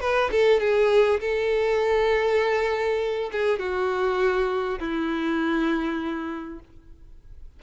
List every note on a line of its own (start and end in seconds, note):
0.00 0.30 B4
0.31 0.60 A4
0.60 1.20 G#4
1.20 3.30 A4
3.32 3.59 G#4
3.59 4.79 F#4
4.79 6.59 E4